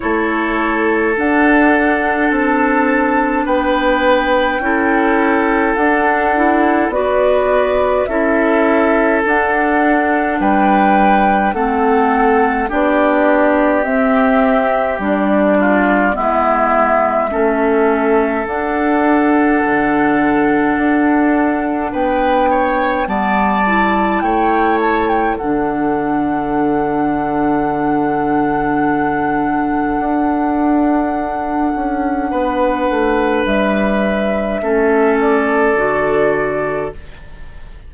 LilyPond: <<
  \new Staff \with { instrumentName = "flute" } { \time 4/4 \tempo 4 = 52 cis''4 fis''4 a''4 g''4~ | g''4 fis''4 d''4 e''4 | fis''4 g''4 fis''4 d''4 | e''4 d''4 e''2 |
fis''2. g''4 | a''4 g''8 a''16 g''16 fis''2~ | fis''1~ | fis''4 e''4. d''4. | }
  \new Staff \with { instrumentName = "oboe" } { \time 4/4 a'2. b'4 | a'2 b'4 a'4~ | a'4 b'4 a'4 g'4~ | g'4. f'8 e'4 a'4~ |
a'2. b'8 cis''8 | d''4 cis''4 a'2~ | a'1 | b'2 a'2 | }
  \new Staff \with { instrumentName = "clarinet" } { \time 4/4 e'4 d'2. | e'4 d'8 e'8 fis'4 e'4 | d'2 c'4 d'4 | c'4 d'4 b4 cis'4 |
d'1 | b8 e'4. d'2~ | d'1~ | d'2 cis'4 fis'4 | }
  \new Staff \with { instrumentName = "bassoon" } { \time 4/4 a4 d'4 c'4 b4 | cis'4 d'4 b4 cis'4 | d'4 g4 a4 b4 | c'4 g4 gis4 a4 |
d'4 d4 d'4 b4 | g4 a4 d2~ | d2 d'4. cis'8 | b8 a8 g4 a4 d4 | }
>>